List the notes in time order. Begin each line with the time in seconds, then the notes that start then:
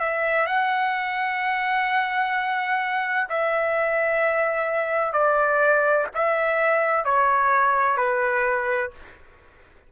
0.00 E5
0.46 F#5
3.29 E5
5.13 D5
6.14 E5
7.05 C#5
7.97 B4